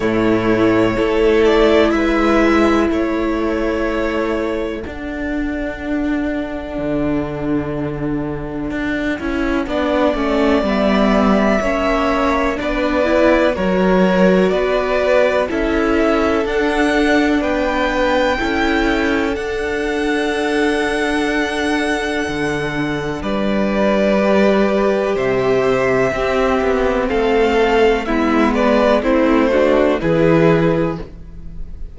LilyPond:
<<
  \new Staff \with { instrumentName = "violin" } { \time 4/4 \tempo 4 = 62 cis''4. d''8 e''4 cis''4~ | cis''4 fis''2.~ | fis''2. e''4~ | e''4 d''4 cis''4 d''4 |
e''4 fis''4 g''2 | fis''1 | d''2 e''2 | f''4 e''8 d''8 c''4 b'4 | }
  \new Staff \with { instrumentName = "violin" } { \time 4/4 e'4 a'4 b'4 a'4~ | a'1~ | a'2 d''2 | cis''4 b'4 ais'4 b'4 |
a'2 b'4 a'4~ | a'1 | b'2 c''4 g'4 | a'4 e'8 b'8 e'8 fis'8 gis'4 | }
  \new Staff \with { instrumentName = "viola" } { \time 4/4 a4 e'2.~ | e'4 d'2.~ | d'4. e'8 d'8 cis'8 b4 | cis'4 d'8 e'8 fis'2 |
e'4 d'2 e'4 | d'1~ | d'4 g'2 c'4~ | c'4 b4 c'8 d'8 e'4 | }
  \new Staff \with { instrumentName = "cello" } { \time 4/4 a,4 a4 gis4 a4~ | a4 d'2 d4~ | d4 d'8 cis'8 b8 a8 g4 | ais4 b4 fis4 b4 |
cis'4 d'4 b4 cis'4 | d'2. d4 | g2 c4 c'8 b8 | a4 gis4 a4 e4 | }
>>